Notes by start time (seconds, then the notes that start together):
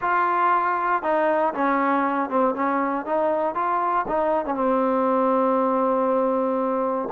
0.01 F4
1.02 D#4
1.53 C#4
2.29 C4
2.54 C#4
3.05 D#4
3.54 F4
4.07 D#4
4.45 C#4
4.54 C4